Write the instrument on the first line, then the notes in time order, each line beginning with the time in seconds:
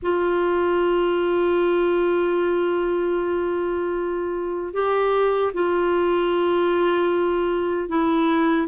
clarinet
0.02 F4
4.73 G4
5.53 F4
7.88 E4